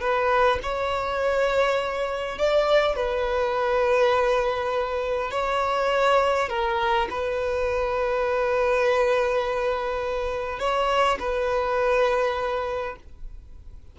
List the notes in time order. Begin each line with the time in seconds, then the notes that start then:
0.00 B4
0.63 C#5
2.38 D5
2.96 B4
5.31 C#5
6.49 A#4
7.10 B4
10.59 C#5
11.20 B4